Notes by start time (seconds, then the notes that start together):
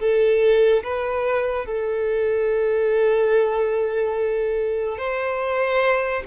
0.00 A4
0.84 B4
1.66 A4
4.98 C5